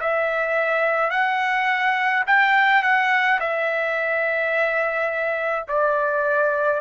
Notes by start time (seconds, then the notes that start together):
0.00 E5
1.10 F#5
2.26 G5
2.83 F#5
3.40 E5
5.68 D5